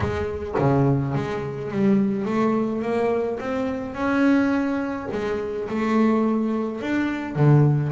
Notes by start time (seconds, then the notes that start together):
0.00 G#3
0.58 C#3
1.14 G#3
1.71 G3
2.25 A3
2.82 A#3
3.39 C4
3.94 C#4
5.11 G#3
5.68 A3
6.81 D4
7.35 D3